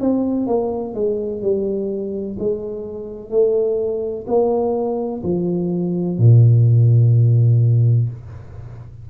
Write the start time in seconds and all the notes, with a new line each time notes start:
0.00 C4
0.47 A#3
0.94 G#3
1.42 G3
2.39 G#3
3.30 A3
4.27 A#3
5.23 F3
6.19 A#2